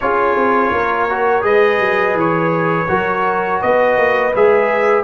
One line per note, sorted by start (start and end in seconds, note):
0.00 0.35 C#4
0.00 1.09 F4
0.00 0.74 G#4
0.00 1.44 C#5
0.35 0.71 C4
0.72 1.43 A#3
0.72 1.45 A#4
1.09 1.41 F#4
1.41 1.79 G#3
1.41 2.86 G#4
1.41 2.88 B4
1.41 2.16 D#5
1.79 2.14 F#3
2.14 2.86 E3
2.14 3.61 C#5
2.88 3.62 F#3
2.88 4.33 F#4
2.88 3.61 A#4
3.61 3.97 B3
3.61 5.04 B4
3.61 4.33 D#5
3.97 4.33 A#3
4.35 5.04 G#3
4.35 5.04 G#4
4.35 5.04 E5